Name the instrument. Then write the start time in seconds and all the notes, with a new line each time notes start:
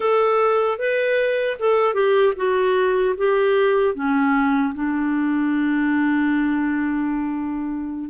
clarinet
0.00 A4
0.78 B4
1.59 A4
1.94 G4
2.36 F#4
3.17 G4
3.94 C#4
4.74 D4